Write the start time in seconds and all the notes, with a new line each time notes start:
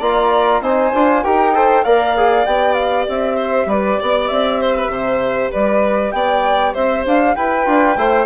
0.00 A#3 F4 D5 A#5
0.61 C4 D#4 C5 G#5
0.94 D4 F4
1.24 D#4 G4 A#4 G5
1.55 A4 C5
1.84 A#3 A#4 D5 F5
2.17 G#4
2.46 B3 G4 G5
2.74 F5
3.09 C4 E5
3.36 C5
3.66 G3 B4 D5
4.00 B3 D5
4.28 C4 E5
4.61 C5
4.76 B4
4.88 C3 C5
5.51 G3 B4 D5
6.12 B3 D5 G5
6.74 C4 C5 E5
7.06 D4 F5
7.36 E4 B4 G5
7.65 D4 F4
7.97 A3 E4 C5